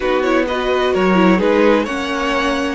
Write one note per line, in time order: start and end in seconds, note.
0.00 0.94 B3
0.00 0.24 D#4
0.00 0.44 F#4
0.00 0.22 B4
0.22 0.47 E4
0.22 0.45 C#5
0.47 1.14 F#4
0.47 0.93 B4
0.47 0.94 D#5
0.93 1.40 F#3
0.93 1.38 A#4
0.93 1.39 C#5
1.14 1.38 E4
1.38 1.86 G#3
1.38 1.84 D#4
1.38 1.84 G#4
1.38 1.85 B4
1.84 2.75 A#3
1.84 2.75 C#4
1.84 2.75 C#5
1.84 2.75 F#5